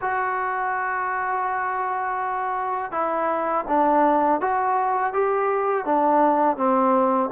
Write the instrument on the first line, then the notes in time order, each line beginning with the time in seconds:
trombone
0.01 F#4
2.91 E4
3.68 D4
4.40 F#4
5.13 G4
5.85 D4
6.57 C4